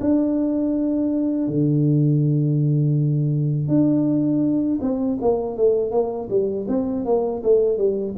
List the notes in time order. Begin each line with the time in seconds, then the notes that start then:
0.00 D4
1.47 D3
3.68 D4
4.81 C4
5.21 A#3
5.56 A3
5.91 A#3
6.29 G3
6.68 C4
7.05 A#3
7.43 A3
7.77 G3